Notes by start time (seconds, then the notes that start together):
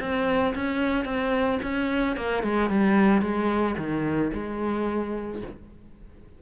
0.00 C4
0.55 C#4
1.05 C4
1.63 C#4
2.17 A#3
2.43 G#3
2.70 G3
3.22 G#3
3.78 D#3
4.34 G#3